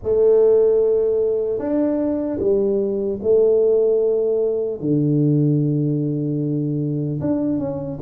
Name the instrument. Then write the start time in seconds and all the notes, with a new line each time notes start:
tuba
0.03 A3
1.58 D4
2.39 G3
3.22 A3
4.80 D3
7.20 D4
7.58 C#4